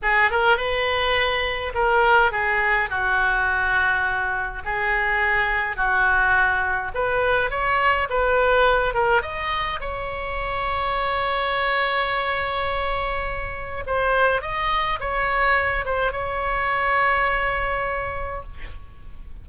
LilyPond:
\new Staff \with { instrumentName = "oboe" } { \time 4/4 \tempo 4 = 104 gis'8 ais'8 b'2 ais'4 | gis'4 fis'2. | gis'2 fis'2 | b'4 cis''4 b'4. ais'8 |
dis''4 cis''2.~ | cis''1 | c''4 dis''4 cis''4. c''8 | cis''1 | }